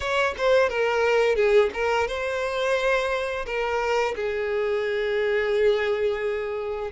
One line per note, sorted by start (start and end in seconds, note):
0.00 0.34 C#5
0.37 0.69 C5
0.69 1.35 A#4
1.35 1.70 G#4
1.73 2.07 A#4
2.07 3.45 C5
3.45 4.14 A#4
4.15 6.91 G#4